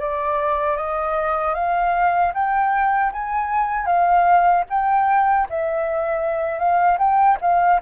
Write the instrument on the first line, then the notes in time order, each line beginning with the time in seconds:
flute
0.00 D5
0.77 D#5
1.54 F5
2.34 G5
3.12 G#5
3.86 F5
4.70 G5
5.50 E5
6.59 F5
6.99 G5
7.42 F5